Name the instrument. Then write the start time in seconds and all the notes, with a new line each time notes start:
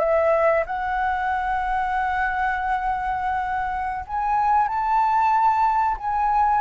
flute
0.00 E5
0.67 F#5
4.07 G#5
4.68 A5
5.98 G#5